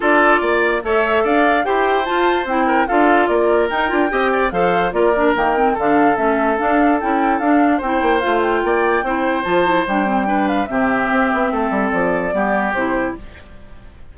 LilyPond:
<<
  \new Staff \with { instrumentName = "flute" } { \time 4/4 \tempo 4 = 146 d''2 e''4 f''4 | g''4 a''4 g''4 f''4 | d''4 g''2 f''4 | d''4 g''4 f''4 e''4 |
f''4 g''4 f''4 g''4 | f''8 g''2~ g''8 a''4 | g''4. f''8 e''2~ | e''4 d''2 c''4 | }
  \new Staff \with { instrumentName = "oboe" } { \time 4/4 a'4 d''4 cis''4 d''4 | c''2~ c''8 ais'8 a'4 | ais'2 dis''8 d''8 c''4 | ais'2 a'2~ |
a'2. c''4~ | c''4 d''4 c''2~ | c''4 b'4 g'2 | a'2 g'2 | }
  \new Staff \with { instrumentName = "clarinet" } { \time 4/4 f'2 a'2 | g'4 f'4 e'4 f'4~ | f'4 dis'8 f'8 g'4 a'4 | f'8 d'8 ais8 c'8 d'4 cis'4 |
d'4 e'4 d'4 e'4 | f'2 e'4 f'8 e'8 | d'8 c'8 d'4 c'2~ | c'2 b4 e'4 | }
  \new Staff \with { instrumentName = "bassoon" } { \time 4/4 d'4 ais4 a4 d'4 | e'4 f'4 c'4 d'4 | ais4 dis'8 d'8 c'4 f4 | ais4 dis4 d4 a4 |
d'4 cis'4 d'4 c'8 ais8 | a4 ais4 c'4 f4 | g2 c4 c'8 b8 | a8 g8 f4 g4 c4 | }
>>